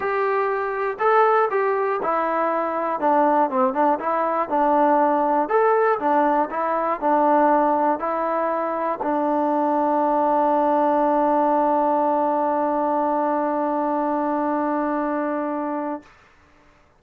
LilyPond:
\new Staff \with { instrumentName = "trombone" } { \time 4/4 \tempo 4 = 120 g'2 a'4 g'4 | e'2 d'4 c'8 d'8 | e'4 d'2 a'4 | d'4 e'4 d'2 |
e'2 d'2~ | d'1~ | d'1~ | d'1 | }